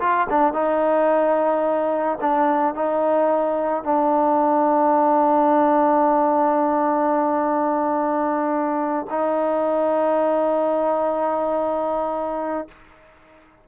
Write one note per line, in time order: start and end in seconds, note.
0.00 0.28 F4
0.30 0.54 D4
0.54 2.19 D#4
2.21 2.74 D4
2.74 3.84 D#4
3.84 9.07 D4
9.10 12.68 D#4